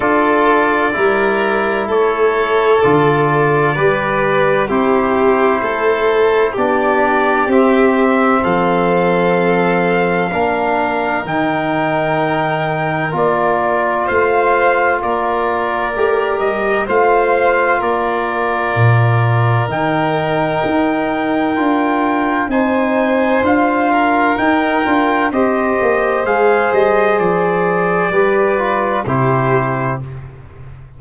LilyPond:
<<
  \new Staff \with { instrumentName = "trumpet" } { \time 4/4 \tempo 4 = 64 d''2 cis''4 d''4~ | d''4 c''2 d''4 | e''4 f''2. | g''2 d''4 f''4 |
d''4. dis''8 f''4 d''4~ | d''4 g''2. | gis''4 f''4 g''4 dis''4 | f''8 dis''8 d''2 c''4 | }
  \new Staff \with { instrumentName = "violin" } { \time 4/4 a'4 ais'4 a'2 | b'4 g'4 a'4 g'4~ | g'4 a'2 ais'4~ | ais'2. c''4 |
ais'2 c''4 ais'4~ | ais'1 | c''4. ais'4. c''4~ | c''2 b'4 g'4 | }
  \new Staff \with { instrumentName = "trombone" } { \time 4/4 f'4 e'2 f'4 | g'4 e'2 d'4 | c'2. d'4 | dis'2 f'2~ |
f'4 g'4 f'2~ | f'4 dis'2 f'4 | dis'4 f'4 dis'8 f'8 g'4 | gis'2 g'8 f'8 e'4 | }
  \new Staff \with { instrumentName = "tuba" } { \time 4/4 d'4 g4 a4 d4 | g4 c'4 a4 b4 | c'4 f2 ais4 | dis2 ais4 a4 |
ais4 a8 g8 a4 ais4 | ais,4 dis4 dis'4 d'4 | c'4 d'4 dis'8 d'8 c'8 ais8 | gis8 g8 f4 g4 c4 | }
>>